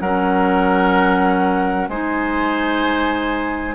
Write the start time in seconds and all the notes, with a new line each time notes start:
0.00 F#3 C#4 A#4 F#5
1.88 G#3 D#4 C5 G#5